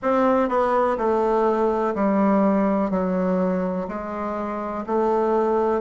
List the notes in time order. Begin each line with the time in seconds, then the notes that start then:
0.02 C4
0.48 B3
0.97 A3
1.94 G3
2.90 F#3
3.88 G#3
4.86 A3